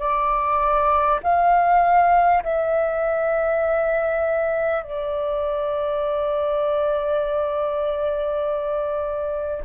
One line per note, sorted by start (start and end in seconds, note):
0.00 1.20 D5
1.23 2.43 F5
2.44 4.83 E5
4.83 9.63 D5